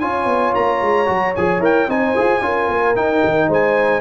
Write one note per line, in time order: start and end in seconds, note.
0.00 0.25 C#4
0.00 1.06 F4
0.00 1.89 C#5
0.00 0.54 G#5
0.25 0.52 B3
0.55 0.81 A#3
0.55 1.35 A#5
0.81 1.08 G#3
1.06 1.35 F#3
1.06 1.33 F#4
1.36 1.60 F3
1.36 1.61 G#4
1.36 1.62 G#5
1.60 1.86 E4
1.60 1.88 A#4
1.60 1.90 G5
1.89 2.15 C4
1.89 2.16 D#4
1.89 2.43 C5
1.89 2.96 G#5
2.16 2.41 F4
2.16 2.43 G#4
2.41 2.68 C#4
2.41 2.96 F4
2.41 3.48 A#4
2.69 2.95 A#3
2.96 3.22 D#4
2.96 4.01 D#4
2.96 3.50 G5
3.24 3.48 D#3
3.48 4.01 G#3
3.48 4.01 C5
3.48 4.01 G#5